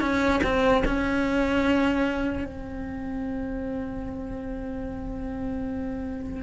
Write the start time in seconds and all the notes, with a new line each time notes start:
0.00 C#4
0.43 C4
0.85 C#4
2.44 C4